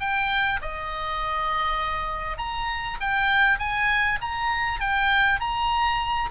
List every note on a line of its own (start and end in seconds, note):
0.00 0.60 G5
0.62 2.38 D#5
2.38 2.98 A#5
3.01 3.59 G5
3.59 4.19 G#5
4.21 4.80 A#5
4.80 5.40 G5
5.40 6.30 A#5